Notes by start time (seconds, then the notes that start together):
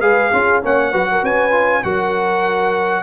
0.00 G#3 G#4 B4 F5
0.33 C#4 F4 G#4
0.63 A#3 C#4 C#5 F#5
0.91 F#3 F#4 B4
1.11 A#4
1.22 C#4 B4 G#5
1.51 F4
1.83 F#3 F#4 A#4 F#5